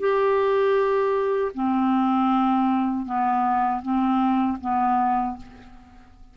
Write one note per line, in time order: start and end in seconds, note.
0.00 1.52 G4
1.55 3.06 C4
3.06 3.82 B3
3.82 4.58 C4
4.61 5.37 B3